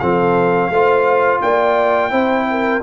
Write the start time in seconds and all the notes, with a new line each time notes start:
0.00 F3 C4 A4 F5
0.70 A3 F4 C5
1.42 A#3 D5 G5
2.11 C4 E4 C5
2.51 A#4